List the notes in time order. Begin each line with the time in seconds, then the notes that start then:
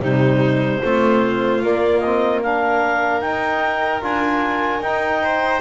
0.00 C3 G3 D#4 C5
0.82 A3 C4 F4
1.61 A#3 D5
2.00 C4 D#5
2.42 D4 A#4 F5
3.20 D#4 G5
4.01 D4 F4 G#5
4.80 D#4 G5
5.22 C5